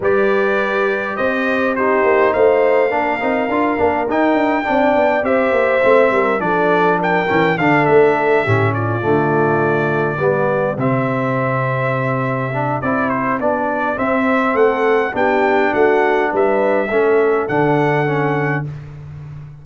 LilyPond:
<<
  \new Staff \with { instrumentName = "trumpet" } { \time 4/4 \tempo 4 = 103 d''2 dis''4 c''4 | f''2. g''4~ | g''4 e''2 d''4 | g''4 f''8 e''4. d''4~ |
d''2~ d''8 e''4.~ | e''2 d''8 c''8 d''4 | e''4 fis''4 g''4 fis''4 | e''2 fis''2 | }
  \new Staff \with { instrumentName = "horn" } { \time 4/4 b'2 c''4 g'4 | c''4 ais'2. | d''4 c''4. ais'8 a'4 | ais'4 a'4. g'8 f'4~ |
f'4. g'2~ g'8~ | g'1~ | g'4 a'4 g'4 fis'4 | b'4 a'2. | }
  \new Staff \with { instrumentName = "trombone" } { \time 4/4 g'2. dis'4~ | dis'4 d'8 dis'8 f'8 d'8 dis'4 | d'4 g'4 c'4 d'4~ | d'8 cis'8 d'4. cis'4 a8~ |
a4. b4 c'4.~ | c'4. d'8 e'4 d'4 | c'2 d'2~ | d'4 cis'4 d'4 cis'4 | }
  \new Staff \with { instrumentName = "tuba" } { \time 4/4 g2 c'4. ais8 | a4 ais8 c'8 d'8 ais8 dis'8 d'8 | c'8 b8 c'8 ais8 a8 g8 f4~ | f8 e8 d8 a4 a,4 d8~ |
d4. g4 c4.~ | c2 c'4 b4 | c'4 a4 b4 a4 | g4 a4 d2 | }
>>